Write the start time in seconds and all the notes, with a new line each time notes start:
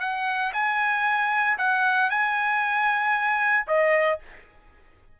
0.00 F#5
0.53 G#5
1.58 F#5
2.10 G#5
3.67 D#5